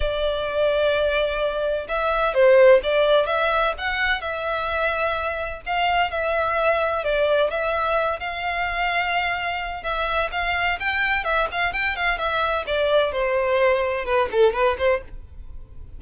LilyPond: \new Staff \with { instrumentName = "violin" } { \time 4/4 \tempo 4 = 128 d''1 | e''4 c''4 d''4 e''4 | fis''4 e''2. | f''4 e''2 d''4 |
e''4. f''2~ f''8~ | f''4 e''4 f''4 g''4 | e''8 f''8 g''8 f''8 e''4 d''4 | c''2 b'8 a'8 b'8 c''8 | }